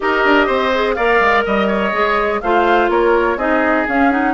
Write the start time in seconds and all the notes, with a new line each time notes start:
0.00 D#4 G4 A#4 D#5
0.25 D4
0.46 C4 C5
0.73 G#4
0.94 A#3 A#4 D5 F5
1.20 G#3
1.45 G3 D#5
1.67 C#5
1.92 G#3 G#4
2.41 A3 F4 C5 F5
2.88 A#3 A#4 C#5
3.36 C4 D#4 G#4 D#5
3.87 C#4 F5
4.11 D#4 F#5